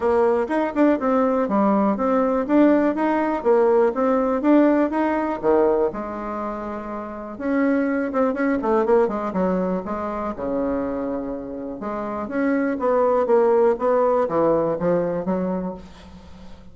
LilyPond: \new Staff \with { instrumentName = "bassoon" } { \time 4/4 \tempo 4 = 122 ais4 dis'8 d'8 c'4 g4 | c'4 d'4 dis'4 ais4 | c'4 d'4 dis'4 dis4 | gis2. cis'4~ |
cis'8 c'8 cis'8 a8 ais8 gis8 fis4 | gis4 cis2. | gis4 cis'4 b4 ais4 | b4 e4 f4 fis4 | }